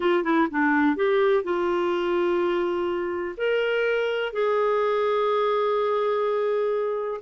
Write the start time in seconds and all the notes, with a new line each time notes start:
0.00 F4
0.23 E4
0.51 D4
0.96 G4
1.43 F4
3.37 A#4
4.32 G#4